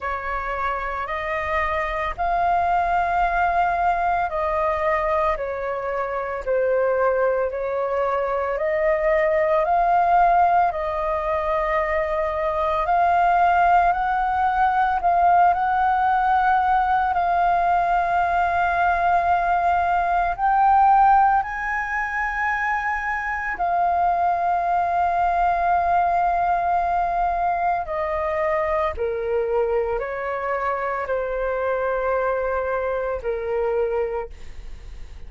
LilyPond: \new Staff \with { instrumentName = "flute" } { \time 4/4 \tempo 4 = 56 cis''4 dis''4 f''2 | dis''4 cis''4 c''4 cis''4 | dis''4 f''4 dis''2 | f''4 fis''4 f''8 fis''4. |
f''2. g''4 | gis''2 f''2~ | f''2 dis''4 ais'4 | cis''4 c''2 ais'4 | }